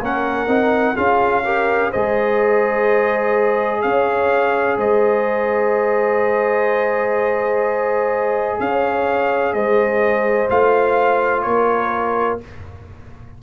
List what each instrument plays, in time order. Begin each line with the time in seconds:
0.00 tuba A#3, trombone C#4, horn A#4, trumpet F#5
0.48 tuba C4, trombone D#4
0.94 tuba C#4, trombone F4, horn G#4, trumpet F5
1.45 trombone G4, horn A#4
1.91 tuba G#3, trombone G#4, horn C5, trumpet D#5
3.82 tuba C#4, horn C#5, trumpet F5
4.78 tuba G#3, horn C5, trumpet D#5
8.60 tuba C#4, horn C#5, trumpet F5
9.54 tuba G#3, horn C5, trumpet D#5
10.50 tuba A3, trombone F4, trumpet F5
11.43 tuba A#3, horn A#4, trumpet C#5